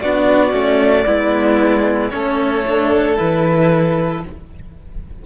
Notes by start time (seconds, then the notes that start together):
0.00 B3 D4 F#4 D5
0.51 A3 C#4
1.05 G#3 B3 E4
2.10 A3 C#4 A4 C#5
2.66 D4
3.16 E3 E4 B4